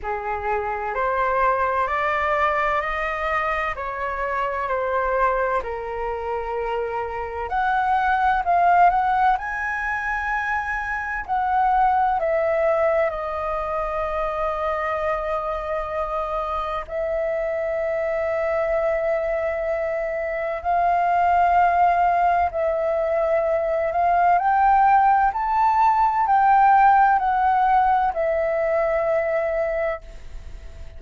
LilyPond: \new Staff \with { instrumentName = "flute" } { \time 4/4 \tempo 4 = 64 gis'4 c''4 d''4 dis''4 | cis''4 c''4 ais'2 | fis''4 f''8 fis''8 gis''2 | fis''4 e''4 dis''2~ |
dis''2 e''2~ | e''2 f''2 | e''4. f''8 g''4 a''4 | g''4 fis''4 e''2 | }